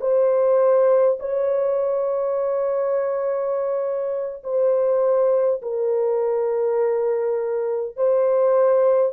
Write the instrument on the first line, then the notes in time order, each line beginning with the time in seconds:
horn
0.00 C5
1.19 C#5
4.43 C5
5.62 A#4
7.96 C5